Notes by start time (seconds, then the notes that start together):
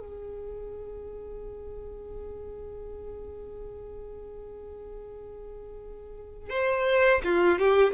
0.00 G#4
6.50 C5
7.24 F4
7.59 G4